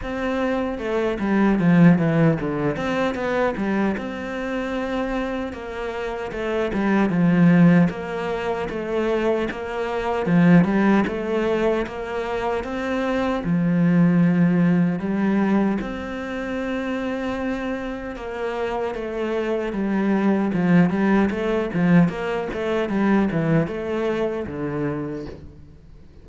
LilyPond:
\new Staff \with { instrumentName = "cello" } { \time 4/4 \tempo 4 = 76 c'4 a8 g8 f8 e8 d8 c'8 | b8 g8 c'2 ais4 | a8 g8 f4 ais4 a4 | ais4 f8 g8 a4 ais4 |
c'4 f2 g4 | c'2. ais4 | a4 g4 f8 g8 a8 f8 | ais8 a8 g8 e8 a4 d4 | }